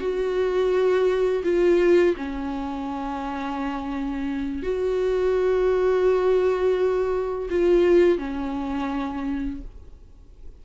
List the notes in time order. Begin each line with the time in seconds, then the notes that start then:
0.00 F#4
1.44 F4
2.17 C#4
4.63 F#4
7.50 F4
8.18 C#4